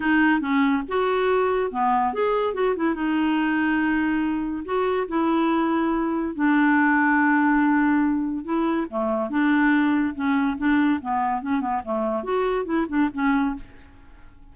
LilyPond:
\new Staff \with { instrumentName = "clarinet" } { \time 4/4 \tempo 4 = 142 dis'4 cis'4 fis'2 | b4 gis'4 fis'8 e'8 dis'4~ | dis'2. fis'4 | e'2. d'4~ |
d'1 | e'4 a4 d'2 | cis'4 d'4 b4 cis'8 b8 | a4 fis'4 e'8 d'8 cis'4 | }